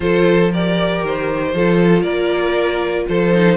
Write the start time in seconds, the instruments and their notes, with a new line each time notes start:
0.00 cello F3, viola F4, violin A4 C5
0.52 viola G4, violin A#4 D5
1.03 cello D#3, violin C5
1.53 cello F3, viola F4, violin A4
2.02 cello A#3, violin A#4 D5
3.08 cello F3, violin A4 C5
3.32 viola D#4